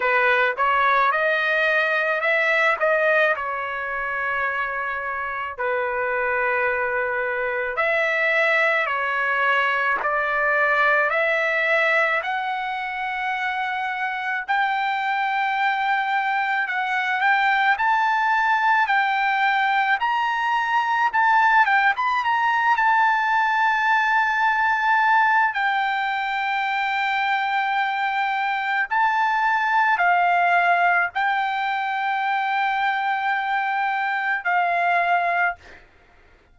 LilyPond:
\new Staff \with { instrumentName = "trumpet" } { \time 4/4 \tempo 4 = 54 b'8 cis''8 dis''4 e''8 dis''8 cis''4~ | cis''4 b'2 e''4 | cis''4 d''4 e''4 fis''4~ | fis''4 g''2 fis''8 g''8 |
a''4 g''4 ais''4 a''8 g''16 b''16 | ais''8 a''2~ a''8 g''4~ | g''2 a''4 f''4 | g''2. f''4 | }